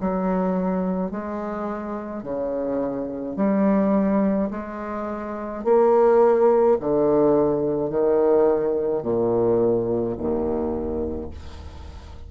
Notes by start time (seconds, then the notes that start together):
0.00 F#3
1.11 G#3
2.23 C#3
3.36 G3
4.51 G#3
5.64 A#3
6.80 D3
7.90 D#3
9.03 A#2
10.17 D#2